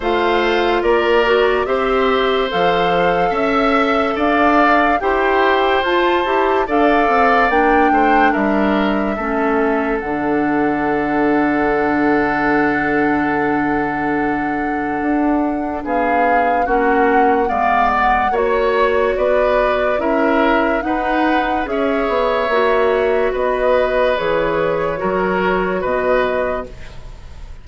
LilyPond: <<
  \new Staff \with { instrumentName = "flute" } { \time 4/4 \tempo 4 = 72 f''4 d''4 e''4 f''4 | e''4 f''4 g''4 a''4 | f''4 g''4 e''2 | fis''1~ |
fis''2. f''4 | fis''4 f''8 fis''8 cis''4 d''4 | e''4 fis''4 e''2 | dis''4 cis''2 dis''4 | }
  \new Staff \with { instrumentName = "oboe" } { \time 4/4 c''4 ais'4 c''2 | e''4 d''4 c''2 | d''4. c''8 ais'4 a'4~ | a'1~ |
a'2. gis'4 | fis'4 d''4 cis''4 b'4 | ais'4 b'4 cis''2 | b'2 ais'4 b'4 | }
  \new Staff \with { instrumentName = "clarinet" } { \time 4/4 f'4. fis'8 g'4 a'4~ | a'2 g'4 f'8 g'8 | a'4 d'2 cis'4 | d'1~ |
d'1 | cis'4 b4 fis'2 | e'4 dis'4 gis'4 fis'4~ | fis'4 gis'4 fis'2 | }
  \new Staff \with { instrumentName = "bassoon" } { \time 4/4 a4 ais4 c'4 f4 | cis'4 d'4 e'4 f'8 e'8 | d'8 c'8 ais8 a8 g4 a4 | d1~ |
d2 d'4 b4 | ais4 gis4 ais4 b4 | cis'4 dis'4 cis'8 b8 ais4 | b4 e4 fis4 b,4 | }
>>